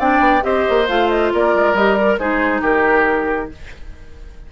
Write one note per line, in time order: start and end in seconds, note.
0.00 0.20 C4
0.00 0.42 D4
0.00 0.44 D5
0.00 0.44 G5
0.20 0.42 B3
0.42 0.66 C4
0.42 0.86 G4
0.42 1.34 C5
0.42 0.88 D#5
0.69 0.89 A#3
0.89 1.33 A3
0.89 1.76 F4
0.89 1.10 F5
1.10 1.32 D#5
1.34 1.55 A#3
1.34 2.20 A#4
1.34 1.76 D5
1.55 1.74 G#3
1.74 2.18 G3
1.74 1.99 G4
1.74 1.96 D#5
1.96 2.21 A#4
1.96 2.18 D5
2.18 2.61 G#3
2.18 3.52 D#4
2.18 2.62 G#4
2.18 2.63 C5
2.61 3.49 D#3
2.61 3.50 G4
2.61 3.52 A#4